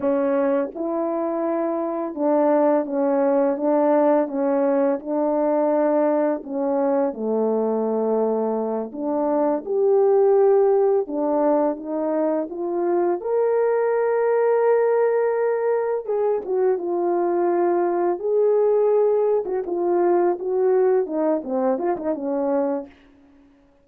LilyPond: \new Staff \with { instrumentName = "horn" } { \time 4/4 \tempo 4 = 84 cis'4 e'2 d'4 | cis'4 d'4 cis'4 d'4~ | d'4 cis'4 a2~ | a8 d'4 g'2 d'8~ |
d'8 dis'4 f'4 ais'4.~ | ais'2~ ais'8 gis'8 fis'8 f'8~ | f'4. gis'4.~ gis'16 fis'16 f'8~ | f'8 fis'4 dis'8 c'8 f'16 dis'16 cis'4 | }